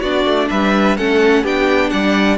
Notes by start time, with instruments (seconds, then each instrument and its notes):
0.00 cello B3, viola D4, violin F#4 D5
0.25 cello A3
0.49 cello G3, violin B4 E5
0.97 cello A3, viola C#4, violin A4 F#5
1.43 cello B3, viola D4, violin G4 G5
1.89 cello G3, violin D5 F#5